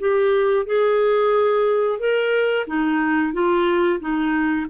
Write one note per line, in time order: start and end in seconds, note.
0.00 0.66 G4
0.66 2.00 G#4
2.00 2.66 A#4
2.67 3.33 D#4
3.33 4.00 F4
4.00 4.67 D#4